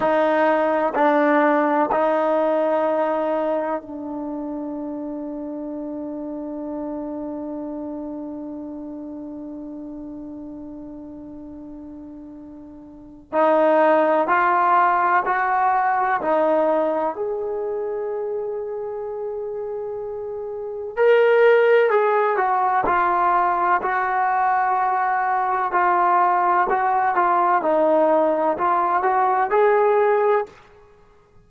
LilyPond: \new Staff \with { instrumentName = "trombone" } { \time 4/4 \tempo 4 = 63 dis'4 d'4 dis'2 | d'1~ | d'1~ | d'2 dis'4 f'4 |
fis'4 dis'4 gis'2~ | gis'2 ais'4 gis'8 fis'8 | f'4 fis'2 f'4 | fis'8 f'8 dis'4 f'8 fis'8 gis'4 | }